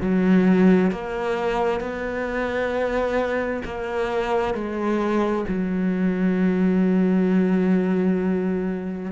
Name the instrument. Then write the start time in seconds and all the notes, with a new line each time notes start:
cello
0.00 F#3
0.90 A#3
1.80 B3
3.64 A#3
4.54 G#3
5.48 F#3